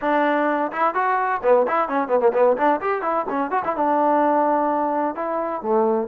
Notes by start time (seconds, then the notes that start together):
0.01 D4
0.72 E4
0.94 F#4
1.43 B3
1.67 E4
1.88 C#4
2.08 B3
2.20 A#3
2.33 B3
2.57 D4
2.81 G4
3.02 E4
3.29 C#4
3.50 F#4
3.64 E4
3.75 D4
5.15 E4
5.62 A3